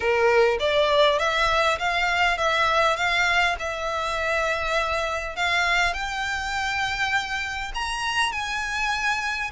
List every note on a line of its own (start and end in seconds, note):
0.00 0.58 A#4
0.59 1.19 D5
1.19 1.78 E5
1.78 2.37 F5
2.37 2.96 E5
2.96 3.55 F5
3.59 5.36 E5
5.36 5.93 F5
5.93 7.71 G5
7.74 8.32 A#5
8.32 9.50 G#5